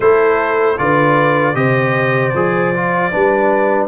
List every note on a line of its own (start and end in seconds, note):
0.00 0.77 A3
0.00 0.77 E4
0.00 0.76 A4
0.00 0.78 C5
0.77 1.55 D3
0.77 1.54 F4
0.77 1.56 B4
0.77 1.55 D5
1.54 2.33 C3
1.54 2.32 G4
1.54 3.11 C5
1.54 2.29 D#5
2.29 3.12 F3
2.29 3.85 D5
2.35 2.74 G#4
2.74 3.11 F4
3.11 3.88 G3
3.11 3.88 D4
3.11 3.88 B4